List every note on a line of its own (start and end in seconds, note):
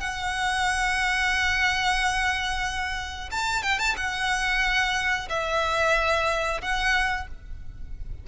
0.00 3.30 F#5
3.31 3.63 A5
3.63 3.79 G5
3.79 3.95 A5
3.97 5.28 F#5
5.29 6.61 E5
6.61 7.27 F#5